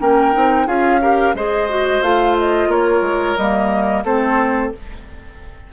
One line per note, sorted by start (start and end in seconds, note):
0.00 0.34 A#3
0.00 0.33 C#4
0.00 0.67 A#4
0.00 0.68 G5
0.33 0.67 C4
0.33 0.67 D#4
0.67 1.34 C#4
0.67 1.01 F4
0.67 1.01 G#4
0.67 1.36 F5
1.02 1.35 G4
1.02 1.36 A#4
1.34 2.02 G#3
1.34 1.70 G#4
1.34 2.70 C5
1.34 2.03 D#5
1.70 2.03 F#4
2.03 2.68 A3
2.03 3.38 F4
2.03 2.36 F5
2.39 2.72 D#5
2.68 3.01 A#3
2.68 4.04 A#4
2.68 3.37 C#5
3.02 3.36 G#3
3.37 4.05 G3
3.37 4.05 A#3
3.37 4.05 D#5
4.05 4.72 A3
4.05 4.73 C4
4.05 4.72 A4
4.05 4.73 C5